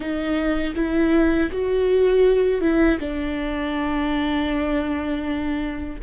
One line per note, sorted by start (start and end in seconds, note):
0.00 0.74 D#4
0.75 1.50 E4
1.51 2.61 F#4
2.61 2.98 E4
2.99 5.99 D4